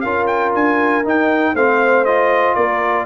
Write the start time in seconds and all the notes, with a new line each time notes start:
0.00 C#4 F4 A#4 F5
0.26 G5
0.54 D4 G#5
1.04 D#4 G5
1.54 A3 C4 C5 F5
2.05 F4 D#5
2.54 A#3 A#4 D5